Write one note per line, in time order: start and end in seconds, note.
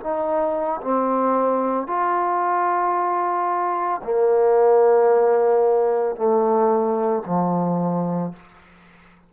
0.00 0.80 D#4
0.81 1.87 C4
1.87 4.01 F4
4.03 6.16 A#3
6.16 7.23 A3
7.26 8.33 F3